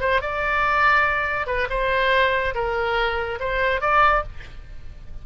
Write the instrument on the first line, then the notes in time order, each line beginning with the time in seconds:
oboe
0.00 C5
0.21 D5
1.46 B4
1.69 C5
2.54 A#4
3.39 C5
3.80 D5